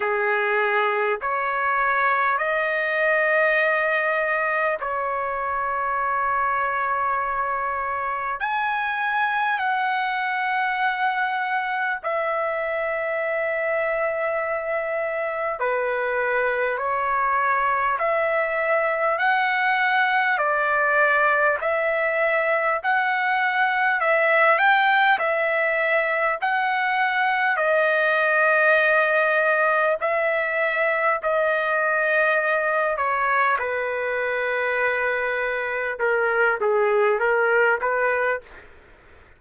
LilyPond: \new Staff \with { instrumentName = "trumpet" } { \time 4/4 \tempo 4 = 50 gis'4 cis''4 dis''2 | cis''2. gis''4 | fis''2 e''2~ | e''4 b'4 cis''4 e''4 |
fis''4 d''4 e''4 fis''4 | e''8 g''8 e''4 fis''4 dis''4~ | dis''4 e''4 dis''4. cis''8 | b'2 ais'8 gis'8 ais'8 b'8 | }